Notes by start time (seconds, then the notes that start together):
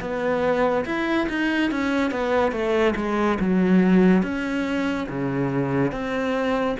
0.00 B3
0.85 E4
1.29 D#4
1.71 C#4
2.11 B3
2.51 A3
2.95 G#3
3.40 F#3
4.22 C#4
5.09 C#3
5.91 C4